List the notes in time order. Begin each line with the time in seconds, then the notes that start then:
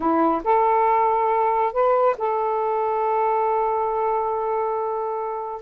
0.00 E4
0.44 A4
1.72 B4
2.18 A4